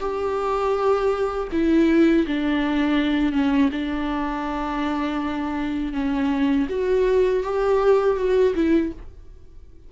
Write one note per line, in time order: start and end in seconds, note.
0.00 1.48 G4
1.52 2.26 E4
2.27 3.33 D4
3.33 3.70 C#4
3.72 5.93 D4
5.93 6.67 C#4
6.69 7.43 F#4
7.43 8.17 G4
8.17 8.54 F#4
8.55 8.92 E4